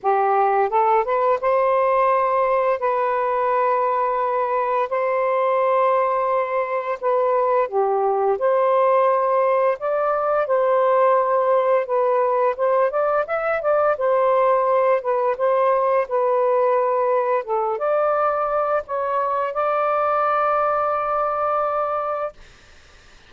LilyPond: \new Staff \with { instrumentName = "saxophone" } { \time 4/4 \tempo 4 = 86 g'4 a'8 b'8 c''2 | b'2. c''4~ | c''2 b'4 g'4 | c''2 d''4 c''4~ |
c''4 b'4 c''8 d''8 e''8 d''8 | c''4. b'8 c''4 b'4~ | b'4 a'8 d''4. cis''4 | d''1 | }